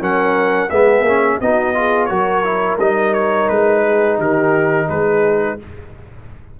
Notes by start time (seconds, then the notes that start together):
0.00 F#3 C#4 A#4 F#5
0.70 G#3 B3 G#4 E5
1.02 A#3 C#4
1.41 B3 D#4 F#4 D#5
1.74 F4 G#4
2.06 F#3 F#4 A#4 C#5
2.44 E4
2.79 G3 D#4 D#5
3.14 C#5
3.49 G#3 B4
3.86 G#4
4.17 D#3 G4 A#4
4.88 G#3 G#4 B4